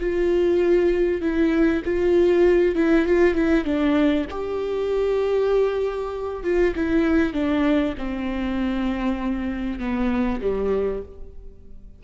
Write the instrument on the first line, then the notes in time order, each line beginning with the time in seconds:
viola
0.00 F4
1.21 E4
1.85 F4
2.75 E4
3.05 F4
3.35 E4
3.64 D4
4.31 G4
6.43 F4
6.75 E4
7.33 D4
7.98 C4
9.79 B3
10.41 G3